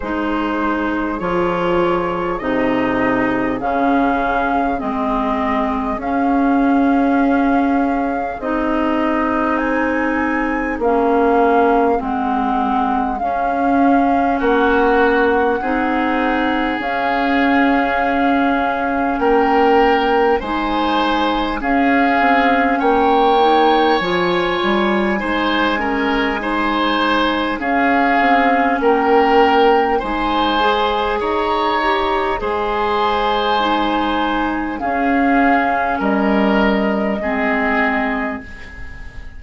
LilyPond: <<
  \new Staff \with { instrumentName = "flute" } { \time 4/4 \tempo 4 = 50 c''4 cis''4 dis''4 f''4 | dis''4 f''2 dis''4 | gis''4 f''4 fis''4 f''4 | fis''2 f''2 |
g''4 gis''4 f''4 g''4 | gis''2. f''4 | g''4 gis''4 ais''4 gis''4~ | gis''4 f''4 dis''2 | }
  \new Staff \with { instrumentName = "oboe" } { \time 4/4 gis'1~ | gis'1~ | gis'1 | fis'4 gis'2. |
ais'4 c''4 gis'4 cis''4~ | cis''4 c''8 ais'8 c''4 gis'4 | ais'4 c''4 cis''4 c''4~ | c''4 gis'4 ais'4 gis'4 | }
  \new Staff \with { instrumentName = "clarinet" } { \time 4/4 dis'4 f'4 dis'4 cis'4 | c'4 cis'2 dis'4~ | dis'4 cis'4 c'4 cis'4~ | cis'4 dis'4 cis'2~ |
cis'4 dis'4 cis'4. dis'8 | f'4 dis'8 cis'8 dis'4 cis'4~ | cis'4 dis'8 gis'4 g'8 gis'4 | dis'4 cis'2 c'4 | }
  \new Staff \with { instrumentName = "bassoon" } { \time 4/4 gis4 f4 c4 cis4 | gis4 cis'2 c'4~ | c'4 ais4 gis4 cis'4 | ais4 c'4 cis'2 |
ais4 gis4 cis'8 c'8 ais4 | f8 g8 gis2 cis'8 c'8 | ais4 gis4 dis'4 gis4~ | gis4 cis'4 g4 gis4 | }
>>